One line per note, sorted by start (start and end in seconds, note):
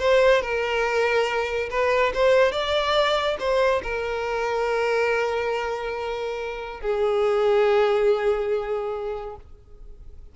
0.00 0.42 C5
0.42 1.70 A#4
1.71 2.13 B4
2.15 2.52 C5
2.52 3.37 D5
3.40 3.82 C5
3.84 6.81 A#4
6.81 9.37 G#4